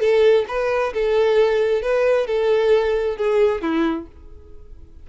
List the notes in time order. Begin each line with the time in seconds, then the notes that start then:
0.00 A4
0.48 B4
0.94 A4
1.82 B4
2.27 A4
3.17 G#4
3.62 E4